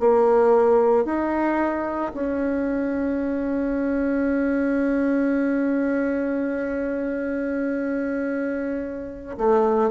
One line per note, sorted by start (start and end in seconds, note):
0.00 1.05 A#3
1.05 2.12 D#4
2.14 9.37 C#4
9.37 9.91 A3